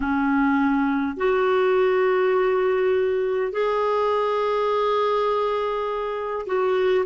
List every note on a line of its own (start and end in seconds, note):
0.00 1.17 C#4
1.17 3.51 F#4
3.51 6.45 G#4
6.46 7.05 F#4